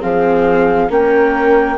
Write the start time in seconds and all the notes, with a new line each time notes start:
0.00 F3 C4 G#4 F5
0.89 A#3 C#4 A#4 G5